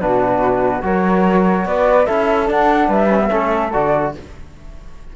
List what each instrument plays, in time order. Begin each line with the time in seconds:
0.00 cello B2, trombone D4, flute F#4 B4
0.82 cello F#3, trombone F#4, flute A#4 C#5
1.66 cello B3, flute B4 D5
2.06 cello C#4, trombone E4, flute A4 E5
2.47 trombone D4, cello D4, flute F#5
2.88 cello G3, flute B4 E5
3.10 trombone C#4
3.19 trombone B3
3.30 cello A3, trombone C#4, flute A4
3.73 cello D3, trombone F#4, flute D5